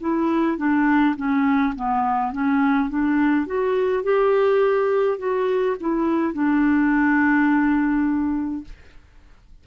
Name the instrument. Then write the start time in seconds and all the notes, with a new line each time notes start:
clarinet
0.00 E4
0.57 D4
1.16 C#4
1.75 B3
2.32 C#4
2.89 D4
3.46 F#4
4.03 G4
5.18 F#4
5.80 E4
6.33 D4